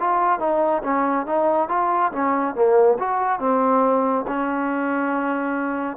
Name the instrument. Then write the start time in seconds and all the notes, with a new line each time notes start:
trombone
0.00 F4
0.39 D#4
0.84 C#4
1.27 D#4
1.69 F4
2.12 C#4
2.55 A#3
2.99 F#4
3.40 C4
4.27 C#4